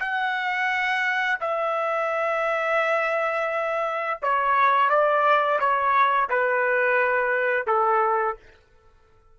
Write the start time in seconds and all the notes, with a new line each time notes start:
0.00 F#5
1.40 E5
4.22 C#5
4.90 D5
5.60 C#5
6.30 B4
7.67 A4